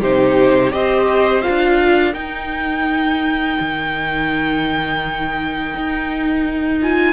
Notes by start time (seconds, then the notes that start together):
0.00 C3 D#4 G4 C5
0.70 C4 G4 C5 D#5
1.42 F4 F5
1.48 D4
1.80 A#4
2.14 D#4 G5
3.60 D#3
5.74 D#4
6.81 F4 G#5